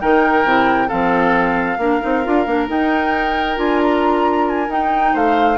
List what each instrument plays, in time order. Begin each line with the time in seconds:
0.00 bassoon D#3, clarinet D#4, oboe A#4, flute G5
0.44 bassoon C3, clarinet E4
0.88 bassoon F3, clarinet C4, oboe A4, flute F5
1.78 bassoon A#3, clarinet D4, oboe A#4
2.01 bassoon C4, clarinet D#4
2.24 bassoon D4, clarinet F4
2.46 bassoon A#3, clarinet D4
2.68 clarinet D#4, bassoon D#4, flute G5
3.56 bassoon D4, clarinet F4, flute G#5
3.83 flute A#5
4.49 flute G#5
4.69 bassoon D#4, clarinet D#4, flute G5
5.13 bassoon A3, oboe C5, flute F5